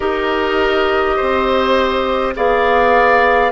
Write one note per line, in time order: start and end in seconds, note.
0.00 1.18 D#4
0.00 2.35 G4
0.00 1.16 A#4
0.00 2.34 D#5
1.16 2.36 C4
1.16 2.34 C5
2.36 3.51 B3
2.36 3.51 G#4
2.36 3.51 D5
2.36 3.51 F5